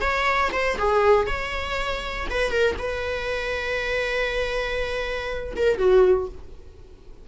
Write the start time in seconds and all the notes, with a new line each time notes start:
0.00 C#5
0.52 C5
0.78 G#4
1.26 C#5
2.30 B4
2.50 A#4
2.78 B4
5.56 A#4
5.78 F#4